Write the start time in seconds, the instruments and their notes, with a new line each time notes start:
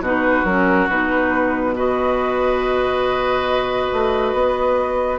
0.00 bassoon B2, clarinet D#4, oboe F#4, flute B4
0.44 bassoon F#3, clarinet C#4, flute A#4
0.88 bassoon B2, clarinet D#4, flute B4
1.75 clarinet F#4, oboe B4, flute D#5
3.93 bassoon A3
4.33 bassoon B3